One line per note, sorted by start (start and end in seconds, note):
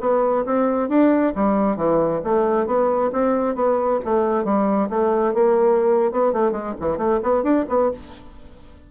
0.00 0.44 B3
0.45 0.88 C4
0.88 1.33 D4
1.35 1.76 G3
1.76 2.20 E3
2.24 2.66 A3
2.66 3.11 B3
3.12 3.55 C4
3.55 3.99 B3
4.04 4.44 A3
4.44 4.88 G3
4.89 5.34 A3
5.34 6.11 A#3
6.11 6.33 B3
6.33 6.51 A3
6.51 6.74 G#3
6.80 6.97 E3
6.97 7.20 A3
7.23 7.43 B3
7.43 7.65 D4
7.68 7.91 B3